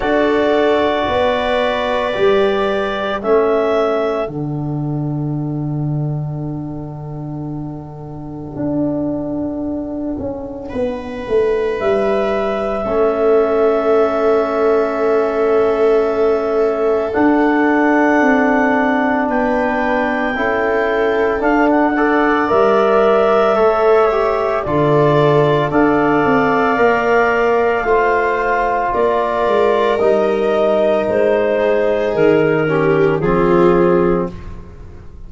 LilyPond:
<<
  \new Staff \with { instrumentName = "clarinet" } { \time 4/4 \tempo 4 = 56 d''2. e''4 | fis''1~ | fis''2. e''4~ | e''1 |
fis''2 g''2 | f''16 fis''8. e''2 d''4 | f''2. d''4 | dis''4 c''4 ais'4 gis'4 | }
  \new Staff \with { instrumentName = "viola" } { \time 4/4 a'4 b'2 a'4~ | a'1~ | a'2 b'2 | a'1~ |
a'2 b'4 a'4~ | a'8 d''4. cis''4 a'4 | d''2 c''4 ais'4~ | ais'4. gis'4 g'8 f'4 | }
  \new Staff \with { instrumentName = "trombone" } { \time 4/4 fis'2 g'4 cis'4 | d'1~ | d'1 | cis'1 |
d'2. e'4 | d'8 a'8 ais'4 a'8 g'8 f'4 | a'4 ais'4 f'2 | dis'2~ dis'8 cis'8 c'4 | }
  \new Staff \with { instrumentName = "tuba" } { \time 4/4 d'4 b4 g4 a4 | d1 | d'4. cis'8 b8 a8 g4 | a1 |
d'4 c'4 b4 cis'4 | d'4 g4 a4 d4 | d'8 c'8 ais4 a4 ais8 gis8 | g4 gis4 dis4 f4 | }
>>